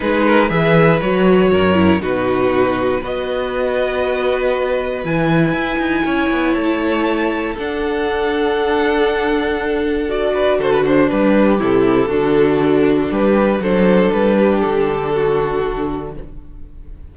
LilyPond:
<<
  \new Staff \with { instrumentName = "violin" } { \time 4/4 \tempo 4 = 119 b'4 e''4 cis''2 | b'2 dis''2~ | dis''2 gis''2~ | gis''4 a''2 fis''4~ |
fis''1 | d''4 c''16 b'16 c''8 b'4 a'4~ | a'2 b'4 c''4 | b'4 a'2. | }
  \new Staff \with { instrumentName = "violin" } { \time 4/4 gis'8 ais'8 b'2 ais'4 | fis'2 b'2~ | b'1 | cis''2. a'4~ |
a'1~ | a'8 b'8 a'8 d'4. e'4 | d'2. a'4~ | a'8 g'4. fis'2 | }
  \new Staff \with { instrumentName = "viola" } { \time 4/4 dis'4 gis'4 fis'4. e'8 | dis'2 fis'2~ | fis'2 e'2~ | e'2. d'4~ |
d'1 | fis'2 g'2 | fis'2 g'4 d'4~ | d'1 | }
  \new Staff \with { instrumentName = "cello" } { \time 4/4 gis4 e4 fis4 fis,4 | b,2 b2~ | b2 e4 e'8 dis'8 | cis'8 b8 a2 d'4~ |
d'1~ | d'4 d4 g4 c4 | d2 g4 fis4 | g4 d2. | }
>>